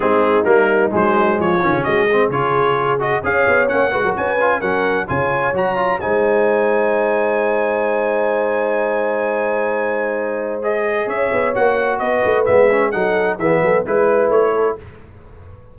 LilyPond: <<
  \new Staff \with { instrumentName = "trumpet" } { \time 4/4 \tempo 4 = 130 gis'4 ais'4 c''4 cis''4 | dis''4 cis''4. dis''8 f''4 | fis''4 gis''4 fis''4 gis''4 | ais''4 gis''2.~ |
gis''1~ | gis''2. dis''4 | e''4 fis''4 dis''4 e''4 | fis''4 e''4 b'4 cis''4 | }
  \new Staff \with { instrumentName = "horn" } { \time 4/4 dis'2. f'4 | fis'8 gis'2~ gis'8 cis''4~ | cis''8 b'16 ais'16 b'4 ais'4 cis''4~ | cis''4 c''2.~ |
c''1~ | c''1 | cis''2 b'2 | a'4 gis'8 a'8 b'4. a'8 | }
  \new Staff \with { instrumentName = "trombone" } { \time 4/4 c'4 ais4 gis4. cis'8~ | cis'8 c'8 f'4. fis'8 gis'4 | cis'8 fis'4 f'8 cis'4 f'4 | fis'8 f'8 dis'2.~ |
dis'1~ | dis'2. gis'4~ | gis'4 fis'2 b8 cis'8 | dis'4 b4 e'2 | }
  \new Staff \with { instrumentName = "tuba" } { \time 4/4 gis4 g4 fis4 f8 dis16 cis16 | gis4 cis2 cis'8 b8 | ais8 gis16 fis16 cis'4 fis4 cis4 | fis4 gis2.~ |
gis1~ | gis1 | cis'8 b8 ais4 b8 a8 gis4 | fis4 e8 fis8 gis4 a4 | }
>>